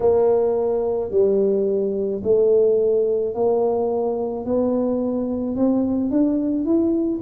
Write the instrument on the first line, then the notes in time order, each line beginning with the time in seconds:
tuba
0.00 A#3
1.11 G3
2.23 A3
3.34 A#3
4.44 B3
5.56 C4
6.10 D4
6.64 E4